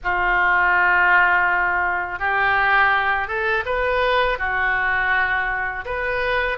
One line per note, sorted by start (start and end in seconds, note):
0.03 2.19 F4
2.19 3.27 G4
3.27 3.64 A4
3.65 4.38 B4
4.38 5.84 F#4
5.85 6.58 B4